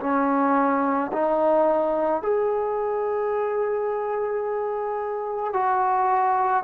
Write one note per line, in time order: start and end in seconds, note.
0.00 1.11 C#4
1.12 2.22 D#4
2.22 5.53 G#4
5.53 6.64 F#4